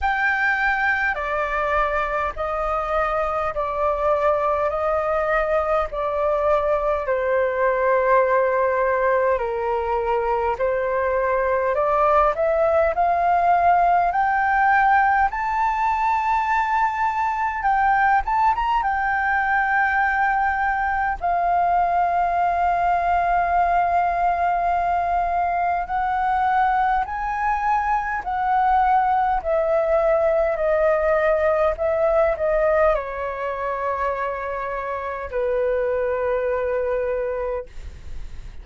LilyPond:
\new Staff \with { instrumentName = "flute" } { \time 4/4 \tempo 4 = 51 g''4 d''4 dis''4 d''4 | dis''4 d''4 c''2 | ais'4 c''4 d''8 e''8 f''4 | g''4 a''2 g''8 a''16 ais''16 |
g''2 f''2~ | f''2 fis''4 gis''4 | fis''4 e''4 dis''4 e''8 dis''8 | cis''2 b'2 | }